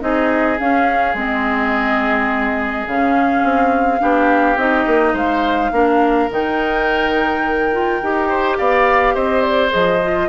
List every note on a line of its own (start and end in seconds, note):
0.00 0.59 C4
0.00 0.57 D#4
0.00 4.01 G#4
0.00 0.58 D#5
0.58 1.15 C#4
0.58 1.14 C#4
0.58 1.16 F5
1.14 2.85 G#3
1.14 2.86 C4
1.14 2.87 D#5
2.87 3.43 C#3
2.87 3.99 C#4
2.87 4.58 F5
3.43 4.00 C4
3.99 4.56 B3
3.99 4.56 D4
3.99 5.13 G4
4.56 4.85 C4
4.56 5.72 D#4
4.56 5.15 D#5
4.86 5.14 A#3
5.13 5.71 G#3
5.13 5.70 C5
5.13 6.31 F5
5.71 6.29 A#3
5.71 6.30 D4
5.71 8.28 A#4
6.30 8.02 D#3
6.30 7.72 D#4
6.30 8.58 G5
7.72 8.01 F4
8.02 8.59 D#4
8.02 9.70 G4
8.28 8.57 C5
8.58 9.15 B3
8.58 9.14 D5
8.58 9.15 F5
9.14 9.72 C4
9.14 10.29 C5
9.14 9.42 D#5
9.42 9.70 D5
9.70 10.29 F3
9.70 9.98 G#4
9.70 10.29 D#5
10.02 10.29 F4